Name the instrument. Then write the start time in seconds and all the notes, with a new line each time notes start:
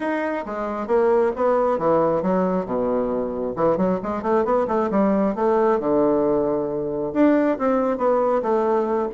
bassoon
0.00 D#4
0.45 G#3
0.87 A#3
1.36 B3
1.78 E3
2.22 F#3
2.65 B2
3.56 E3
3.77 F#3
4.03 G#3
4.22 A3
4.44 B3
4.67 A3
4.90 G3
5.35 A3
5.79 D3
7.13 D4
7.58 C4
7.97 B3
8.42 A3